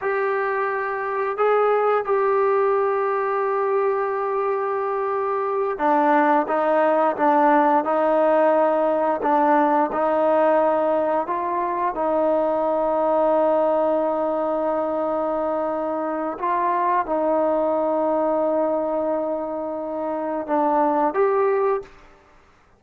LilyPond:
\new Staff \with { instrumentName = "trombone" } { \time 4/4 \tempo 4 = 88 g'2 gis'4 g'4~ | g'1~ | g'8 d'4 dis'4 d'4 dis'8~ | dis'4. d'4 dis'4.~ |
dis'8 f'4 dis'2~ dis'8~ | dis'1 | f'4 dis'2.~ | dis'2 d'4 g'4 | }